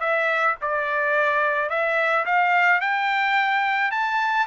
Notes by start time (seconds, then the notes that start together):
0.00 E5
0.61 D5
1.70 E5
2.26 F5
2.81 G5
3.91 A5